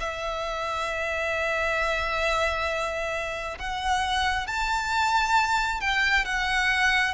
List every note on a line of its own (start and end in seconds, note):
0.00 3.58 E5
3.59 4.47 F#5
4.47 5.81 A5
5.81 6.26 G5
6.26 7.14 F#5